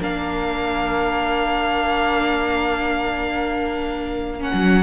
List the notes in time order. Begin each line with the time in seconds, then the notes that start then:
0.00 A#3 D4 A#4 F5
4.40 C#4 F#5
4.54 F#3